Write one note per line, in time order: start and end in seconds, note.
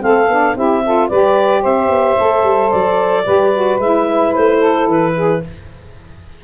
0.00 0.27 A3
0.00 0.27 C4
0.00 0.55 A4
0.00 0.56 F5
0.27 0.54 B3
0.27 0.56 D4
0.55 1.09 C4
0.55 0.83 E4
0.55 0.82 G4
0.55 1.08 E5
0.84 1.11 F4
0.84 1.08 A4
1.08 1.64 G3
1.08 2.17 G4
1.08 1.61 B4
1.08 1.62 D5
1.61 1.89 C4
1.61 3.23 C5
1.61 2.71 E5
1.89 2.16 B3
2.17 2.43 A3
2.17 3.25 A4
2.43 2.70 G3
2.71 3.27 F#3
2.71 3.79 D5
3.25 3.78 G3
3.25 3.53 G4
3.25 4.58 B4
3.54 3.81 F#4
3.78 4.32 G#3
3.78 5.44 E4
3.78 4.33 E5
4.33 4.87 A3
4.33 4.87 C5
4.58 5.12 A4
4.87 5.41 E3
4.87 5.43 B4
5.16 5.43 G#4